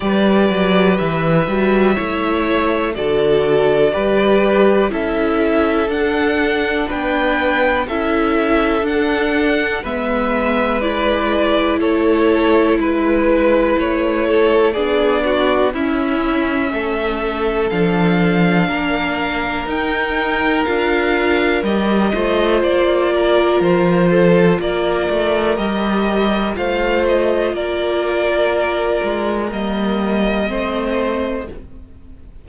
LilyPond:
<<
  \new Staff \with { instrumentName = "violin" } { \time 4/4 \tempo 4 = 61 d''4 e''2 d''4~ | d''4 e''4 fis''4 g''4 | e''4 fis''4 e''4 d''4 | cis''4 b'4 cis''4 d''4 |
e''2 f''2 | g''4 f''4 dis''4 d''4 | c''4 d''4 dis''4 f''8 dis''8 | d''2 dis''2 | }
  \new Staff \with { instrumentName = "violin" } { \time 4/4 b'2 cis''4 a'4 | b'4 a'2 b'4 | a'2 b'2 | a'4 b'4. a'8 gis'8 fis'8 |
e'4 a'2 ais'4~ | ais'2~ ais'8 c''4 ais'8~ | ais'8 a'8 ais'2 c''4 | ais'2. c''4 | }
  \new Staff \with { instrumentName = "viola" } { \time 4/4 g'4. fis'8 e'4 fis'4 | g'4 e'4 d'2 | e'4 d'4 b4 e'4~ | e'2. d'4 |
cis'2 d'2 | dis'4 f'4 g'8 f'4.~ | f'2 g'4 f'4~ | f'2 ais4 c'4 | }
  \new Staff \with { instrumentName = "cello" } { \time 4/4 g8 fis8 e8 g8 a4 d4 | g4 cis'4 d'4 b4 | cis'4 d'4 gis2 | a4 gis4 a4 b4 |
cis'4 a4 f4 ais4 | dis'4 d'4 g8 a8 ais4 | f4 ais8 a8 g4 a4 | ais4. gis8 g4 a4 | }
>>